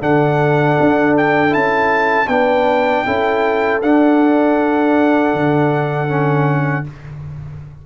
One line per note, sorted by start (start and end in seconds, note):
0.00 0.78 D3
0.00 1.50 D4
0.00 2.28 A4
0.00 1.16 F#5
0.80 1.55 D4
1.17 1.54 G5
1.50 2.28 C#4
1.50 2.26 E4
1.50 2.28 A5
2.28 3.04 B3
2.28 3.06 D4
2.28 3.05 B4
2.28 3.80 G5
3.05 3.82 C#4
3.05 3.82 E4
3.05 6.85 A4
3.82 5.34 D4
3.82 6.08 D4
3.82 6.86 F#5
5.34 6.86 D3
6.08 6.84 C#4